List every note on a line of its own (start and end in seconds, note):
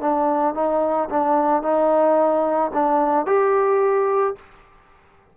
0.00 0.54 D4
0.54 1.09 D#4
1.09 1.62 D4
1.62 2.71 D#4
2.73 3.26 D4
3.26 4.35 G4